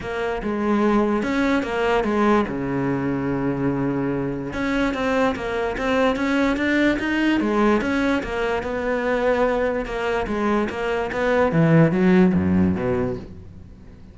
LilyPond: \new Staff \with { instrumentName = "cello" } { \time 4/4 \tempo 4 = 146 ais4 gis2 cis'4 | ais4 gis4 cis2~ | cis2. cis'4 | c'4 ais4 c'4 cis'4 |
d'4 dis'4 gis4 cis'4 | ais4 b2. | ais4 gis4 ais4 b4 | e4 fis4 fis,4 b,4 | }